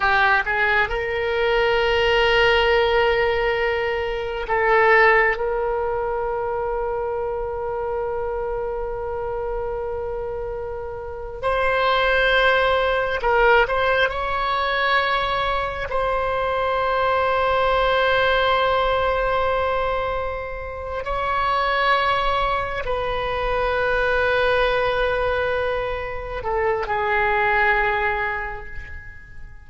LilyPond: \new Staff \with { instrumentName = "oboe" } { \time 4/4 \tempo 4 = 67 g'8 gis'8 ais'2.~ | ais'4 a'4 ais'2~ | ais'1~ | ais'8. c''2 ais'8 c''8 cis''16~ |
cis''4.~ cis''16 c''2~ c''16~ | c''2.~ c''8 cis''8~ | cis''4. b'2~ b'8~ | b'4. a'8 gis'2 | }